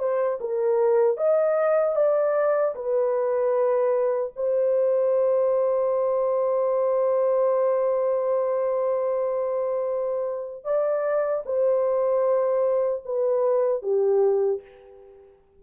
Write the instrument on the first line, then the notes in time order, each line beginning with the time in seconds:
horn
0.00 C5
0.41 A#4
1.18 D#5
1.96 D5
2.76 B4
4.37 C5
10.65 D5
11.46 C5
13.06 B4
13.83 G4